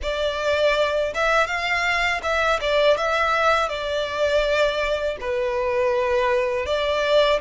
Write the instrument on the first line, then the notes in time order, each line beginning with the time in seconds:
violin
0.02 D5
1.13 E5
1.46 F5
2.22 E5
2.60 D5
2.97 E5
3.68 D5
5.20 B4
6.65 D5